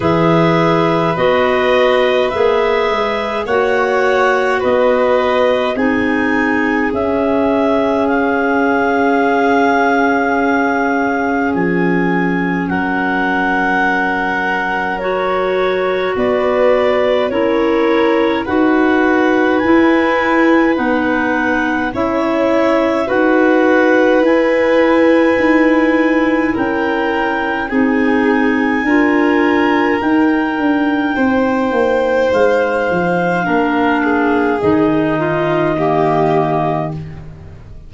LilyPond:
<<
  \new Staff \with { instrumentName = "clarinet" } { \time 4/4 \tempo 4 = 52 e''4 dis''4 e''4 fis''4 | dis''4 gis''4 e''4 f''4~ | f''2 gis''4 fis''4~ | fis''4 cis''4 d''4 cis''4 |
fis''4 gis''4 fis''4 e''4 | fis''4 gis''2 g''4 | gis''2 g''2 | f''2 dis''2 | }
  \new Staff \with { instrumentName = "violin" } { \time 4/4 b'2. cis''4 | b'4 gis'2.~ | gis'2. ais'4~ | ais'2 b'4 ais'4 |
b'2. cis''4 | b'2. ais'4 | gis'4 ais'2 c''4~ | c''4 ais'8 gis'4 f'8 g'4 | }
  \new Staff \with { instrumentName = "clarinet" } { \time 4/4 gis'4 fis'4 gis'4 fis'4~ | fis'4 dis'4 cis'2~ | cis'1~ | cis'4 fis'2 e'4 |
fis'4 e'4 dis'4 e'4 | fis'4 e'2. | dis'4 f'4 dis'2~ | dis'4 d'4 dis'4 ais4 | }
  \new Staff \with { instrumentName = "tuba" } { \time 4/4 e4 b4 ais8 gis8 ais4 | b4 c'4 cis'2~ | cis'2 f4 fis4~ | fis2 b4 cis'4 |
dis'4 e'4 b4 cis'4 | dis'4 e'4 dis'4 cis'4 | c'4 d'4 dis'8 d'8 c'8 ais8 | gis8 f8 ais4 dis2 | }
>>